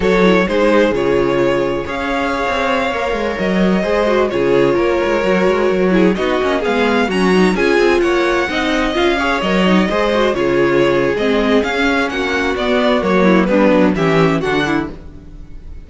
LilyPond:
<<
  \new Staff \with { instrumentName = "violin" } { \time 4/4 \tempo 4 = 129 cis''4 c''4 cis''2 | f''2.~ f''16 dis''8.~ | dis''4~ dis''16 cis''2~ cis''8.~ | cis''4~ cis''16 dis''4 f''4 ais''8.~ |
ais''16 gis''4 fis''2 f''8.~ | f''16 dis''2 cis''4.~ cis''16 | dis''4 f''4 fis''4 d''4 | cis''4 b'4 e''4 fis''4 | }
  \new Staff \with { instrumentName = "violin" } { \time 4/4 a'4 gis'2. | cis''1~ | cis''16 c''4 gis'4 ais'4.~ ais'16~ | ais'8. gis'8 fis'4 gis'4 fis'8.~ |
fis'16 gis'4 cis''4 dis''4. cis''16~ | cis''4~ cis''16 c''4 gis'4.~ gis'16~ | gis'2 fis'2~ | fis'8 e'8 d'4 g'4 fis'8 e'8 | }
  \new Staff \with { instrumentName = "viola" } { \time 4/4 fis'8 e'8 dis'4 f'2 | gis'2~ gis'16 ais'4.~ ais'16~ | ais'16 gis'8 fis'8 f'2 fis'8.~ | fis'8. e'8 dis'8 cis'8 b4 cis'8 dis'16~ |
dis'16 f'2 dis'4 f'8 gis'16~ | gis'16 ais'8 dis'8 gis'8 fis'8 f'4.~ f'16 | c'4 cis'2 b4 | ais4 b4 cis'4 d'4 | }
  \new Staff \with { instrumentName = "cello" } { \time 4/4 fis4 gis4 cis2 | cis'4~ cis'16 c'4 ais8 gis8 fis8.~ | fis16 gis4 cis4 ais8 gis8 fis8 gis16~ | gis16 fis4 b8 ais8 gis4 fis8.~ |
fis16 cis'8 c'8 ais4 c'4 cis'8.~ | cis'16 fis4 gis4 cis4.~ cis16 | gis4 cis'4 ais4 b4 | fis4 g8 fis8 e4 d4 | }
>>